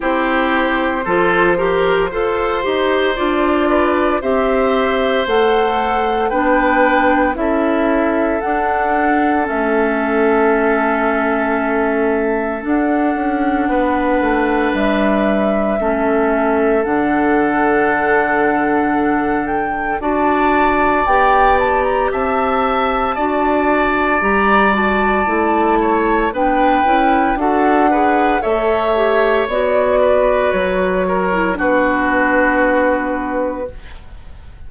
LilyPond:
<<
  \new Staff \with { instrumentName = "flute" } { \time 4/4 \tempo 4 = 57 c''2. d''4 | e''4 fis''4 g''4 e''4 | fis''4 e''2. | fis''2 e''2 |
fis''2~ fis''8 g''8 a''4 | g''8 a''16 ais''16 a''2 ais''8 a''8~ | a''4 g''4 fis''4 e''4 | d''4 cis''4 b'2 | }
  \new Staff \with { instrumentName = "oboe" } { \time 4/4 g'4 a'8 ais'8 c''4. b'8 | c''2 b'4 a'4~ | a'1~ | a'4 b'2 a'4~ |
a'2. d''4~ | d''4 e''4 d''2~ | d''8 cis''8 b'4 a'8 b'8 cis''4~ | cis''8 b'4 ais'8 fis'2 | }
  \new Staff \with { instrumentName = "clarinet" } { \time 4/4 e'4 f'8 g'8 a'8 g'8 f'4 | g'4 a'4 d'4 e'4 | d'4 cis'2. | d'2. cis'4 |
d'2. fis'4 | g'2 fis'4 g'8 fis'8 | e'4 d'8 e'8 fis'8 gis'8 a'8 g'8 | fis'4.~ fis'16 e'16 d'2 | }
  \new Staff \with { instrumentName = "bassoon" } { \time 4/4 c'4 f4 f'8 dis'8 d'4 | c'4 a4 b4 cis'4 | d'4 a2. | d'8 cis'8 b8 a8 g4 a4 |
d2. d'4 | b4 c'4 d'4 g4 | a4 b8 cis'8 d'4 a4 | b4 fis4 b2 | }
>>